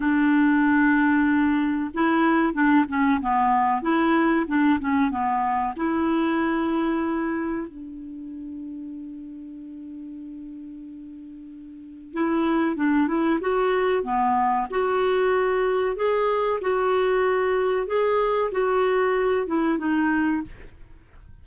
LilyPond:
\new Staff \with { instrumentName = "clarinet" } { \time 4/4 \tempo 4 = 94 d'2. e'4 | d'8 cis'8 b4 e'4 d'8 cis'8 | b4 e'2. | d'1~ |
d'2. e'4 | d'8 e'8 fis'4 b4 fis'4~ | fis'4 gis'4 fis'2 | gis'4 fis'4. e'8 dis'4 | }